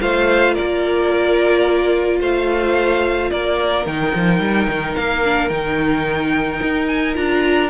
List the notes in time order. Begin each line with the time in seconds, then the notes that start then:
0.00 A3 F4 C5 F5
0.54 A#4 D5
0.60 A#3
2.20 A3 C5 F5
3.31 A#3 A#4 D5
3.86 D#3 D#4 G5
4.15 F3
4.40 G3
4.68 D#3
4.95 A#3 F5
5.24 D4
5.49 D#3 D#4 G5
6.62 D#4
6.87 G#5
7.15 D4 F4 A#5